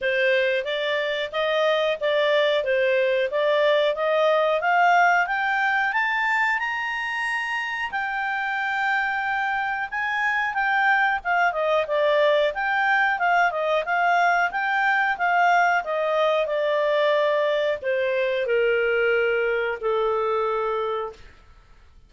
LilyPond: \new Staff \with { instrumentName = "clarinet" } { \time 4/4 \tempo 4 = 91 c''4 d''4 dis''4 d''4 | c''4 d''4 dis''4 f''4 | g''4 a''4 ais''2 | g''2. gis''4 |
g''4 f''8 dis''8 d''4 g''4 | f''8 dis''8 f''4 g''4 f''4 | dis''4 d''2 c''4 | ais'2 a'2 | }